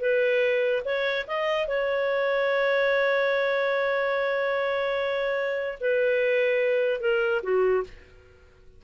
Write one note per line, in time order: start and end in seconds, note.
0.00 0.82 B4
0.84 1.26 C#5
1.27 1.67 D#5
1.67 5.78 C#5
5.80 7.00 B4
7.00 7.41 A#4
7.42 7.83 F#4